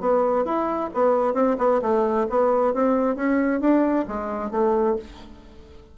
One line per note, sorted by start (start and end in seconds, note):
0.00 0.45 B3
0.45 0.90 E4
0.94 1.34 B3
1.34 1.56 C4
1.58 1.81 B3
1.82 2.27 A3
2.29 2.74 B3
2.74 3.15 C4
3.15 3.60 C#4
3.60 4.05 D4
4.08 4.51 G#3
4.51 4.96 A3